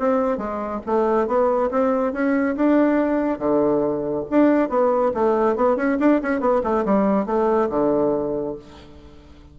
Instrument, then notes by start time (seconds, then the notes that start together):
bassoon
0.00 C4
0.38 G#3
0.86 A3
1.28 B3
1.71 C4
2.13 C#4
2.57 D4
3.39 D3
4.31 D4
4.70 B3
5.14 A3
5.56 B3
5.77 C#4
6.00 D4
6.23 C#4
6.41 B3
6.64 A3
6.86 G3
7.27 A3
7.70 D3